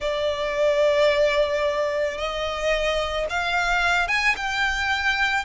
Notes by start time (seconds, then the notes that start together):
0.00 D5
2.17 D#5
3.29 F5
4.08 G#5
4.36 G5